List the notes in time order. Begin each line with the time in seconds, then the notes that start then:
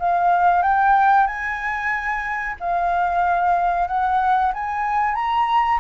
0.00 F5
0.63 G5
1.27 G#5
2.60 F5
3.88 F#5
4.54 G#5
5.15 A#5